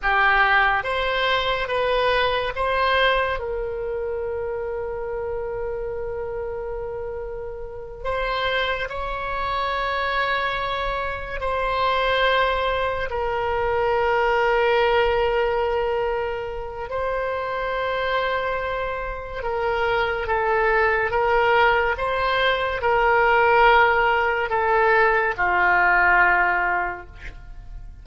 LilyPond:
\new Staff \with { instrumentName = "oboe" } { \time 4/4 \tempo 4 = 71 g'4 c''4 b'4 c''4 | ais'1~ | ais'4. c''4 cis''4.~ | cis''4. c''2 ais'8~ |
ais'1 | c''2. ais'4 | a'4 ais'4 c''4 ais'4~ | ais'4 a'4 f'2 | }